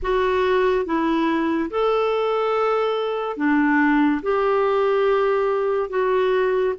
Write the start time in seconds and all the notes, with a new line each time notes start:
0.02 F#4
0.85 E4
1.70 A4
3.36 D4
4.22 G4
5.89 F#4